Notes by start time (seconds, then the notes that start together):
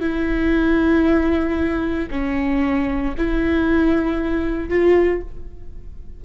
0.00 E4
2.10 C#4
3.17 E4
4.69 F4